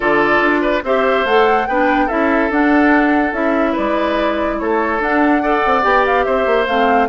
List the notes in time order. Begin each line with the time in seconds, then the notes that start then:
0.00 D3 F4 A4 D5
0.40 D4
0.61 B4
0.83 C4 G4 C5 E5
1.24 A3 A4 F#5
1.67 B3 D4 B4 G5
2.06 C#4 E4 A4 E5
2.50 D4 F#5
3.32 C#4 E4 E5
3.72 B4 D5
3.78 G#3
4.59 A3 A4 C#5
4.99 D4 F#5
5.42 A4 D5
5.65 C4
5.82 B3 G4 G5
6.06 F5
6.24 C4 C5 E5
6.45 A#3
6.66 A3 C4 F5